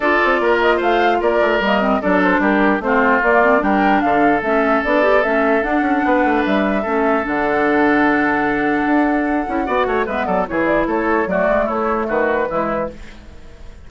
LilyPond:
<<
  \new Staff \with { instrumentName = "flute" } { \time 4/4 \tempo 4 = 149 d''4. dis''8 f''4 d''4 | dis''4 d''8 c''8 ais'4 c''4 | d''4 g''4 f''4 e''4 | d''4 e''4 fis''2 |
e''2 fis''2~ | fis''1~ | fis''4 e''8 d''8 cis''8 d''8 cis''4 | d''4 cis''4 b'2 | }
  \new Staff \with { instrumentName = "oboe" } { \time 4/4 a'4 ais'4 c''4 ais'4~ | ais'4 a'4 g'4 f'4~ | f'4 ais'4 a'2~ | a'2. b'4~ |
b'4 a'2.~ | a'1 | d''8 cis''8 b'8 a'8 gis'4 a'4 | fis'4 e'4 fis'4 e'4 | }
  \new Staff \with { instrumentName = "clarinet" } { \time 4/4 f'1 | ais8 c'8 d'2 c'4 | ais8 c'8 d'2 cis'4 | d'8 g'8 cis'4 d'2~ |
d'4 cis'4 d'2~ | d'2.~ d'8 e'8 | fis'4 b4 e'2 | a2. gis4 | }
  \new Staff \with { instrumentName = "bassoon" } { \time 4/4 d'8 c'8 ais4 a4 ais8 a8 | g4 fis4 g4 a4 | ais4 g4 d4 a4 | b4 a4 d'8 cis'8 b8 a8 |
g4 a4 d2~ | d2 d'4. cis'8 | b8 a8 gis8 fis8 e4 a4 | fis8 gis8 a4 dis4 e4 | }
>>